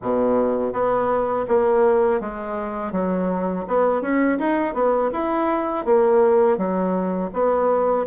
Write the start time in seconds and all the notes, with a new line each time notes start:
0.02 B2
0.72 B3
1.48 A#3
2.20 G#3
2.92 F#3
3.67 B3
4.01 C#4
4.38 D#4
4.74 B3
5.12 E4
5.85 A#3
6.57 F#3
7.33 B3